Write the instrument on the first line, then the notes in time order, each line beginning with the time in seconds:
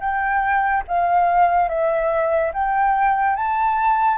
flute
0.00 G5
0.87 F5
1.68 E5
2.53 G5
3.36 A5